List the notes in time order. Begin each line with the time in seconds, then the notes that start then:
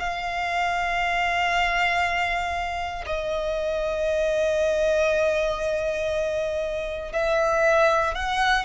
0.00 F5
3.06 D#5
7.13 E5
8.14 F#5